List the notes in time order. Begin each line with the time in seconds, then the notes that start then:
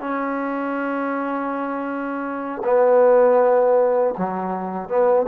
0.00 C#4
2.65 B3
4.18 F#3
4.89 B3